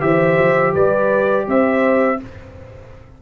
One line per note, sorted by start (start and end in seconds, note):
0.00 0.38 E3
0.00 2.17 G4
0.00 0.73 C5
0.00 0.73 E5
0.38 0.74 F3
0.73 1.47 G3
0.73 1.45 B4
0.73 1.47 D5
1.47 2.19 C4
1.47 2.20 C5
1.47 2.22 E5